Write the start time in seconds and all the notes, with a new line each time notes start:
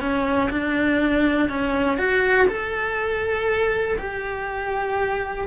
0.00 C#4
0.50 D4
1.49 C#4
1.97 F#4
2.48 A4
3.98 G4